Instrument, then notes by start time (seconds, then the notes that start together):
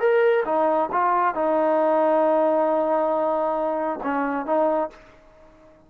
trombone
0.00 A#4
0.46 D#4
0.92 F4
1.35 D#4
4.03 C#4
4.46 D#4